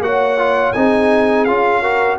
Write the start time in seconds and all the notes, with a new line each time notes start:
0.00 A#3 F#4 C#5 F#5
0.38 F4
0.72 C4 D#4 G#4 G#5
1.44 C#4 F4 F5
1.81 F#4 A#4